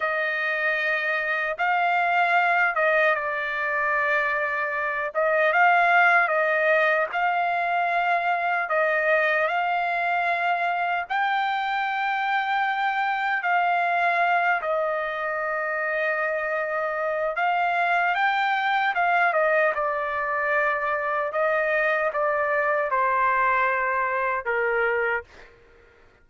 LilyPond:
\new Staff \with { instrumentName = "trumpet" } { \time 4/4 \tempo 4 = 76 dis''2 f''4. dis''8 | d''2~ d''8 dis''8 f''4 | dis''4 f''2 dis''4 | f''2 g''2~ |
g''4 f''4. dis''4.~ | dis''2 f''4 g''4 | f''8 dis''8 d''2 dis''4 | d''4 c''2 ais'4 | }